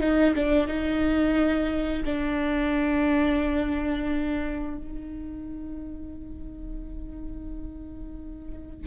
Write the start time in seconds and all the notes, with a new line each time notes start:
0.00 D#4
0.35 D4
0.67 D#4
2.05 D4
4.78 D#4